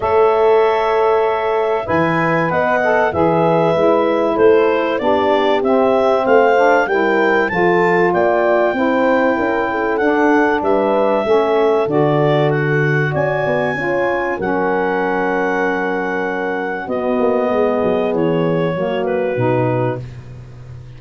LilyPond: <<
  \new Staff \with { instrumentName = "clarinet" } { \time 4/4 \tempo 4 = 96 e''2. gis''4 | fis''4 e''2 c''4 | d''4 e''4 f''4 g''4 | a''4 g''2. |
fis''4 e''2 d''4 | fis''4 gis''2 fis''4~ | fis''2. dis''4~ | dis''4 cis''4. b'4. | }
  \new Staff \with { instrumentName = "horn" } { \time 4/4 cis''2. e''4 | dis''4 b'2 a'4 | g'2 c''4 ais'4 | a'4 d''4 c''4 ais'8 a'8~ |
a'4 b'4 a'2~ | a'4 d''4 cis''4 ais'4~ | ais'2. fis'4 | gis'2 fis'2 | }
  \new Staff \with { instrumentName = "saxophone" } { \time 4/4 a'2. b'4~ | b'8 a'8 gis'4 e'2 | d'4 c'4. d'8 e'4 | f'2 e'2 |
d'2 cis'4 fis'4~ | fis'2 f'4 cis'4~ | cis'2. b4~ | b2 ais4 dis'4 | }
  \new Staff \with { instrumentName = "tuba" } { \time 4/4 a2. e4 | b4 e4 gis4 a4 | b4 c'4 a4 g4 | f4 ais4 c'4 cis'4 |
d'4 g4 a4 d4~ | d4 cis'8 b8 cis'4 fis4~ | fis2. b8 ais8 | gis8 fis8 e4 fis4 b,4 | }
>>